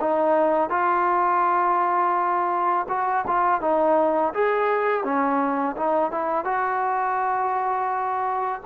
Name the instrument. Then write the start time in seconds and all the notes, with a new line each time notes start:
trombone
0.00 D#4
0.69 F4
2.88 F#4
3.27 F4
3.61 D#4
4.34 G#4
5.03 C#4
5.76 D#4
6.11 E4
6.44 F#4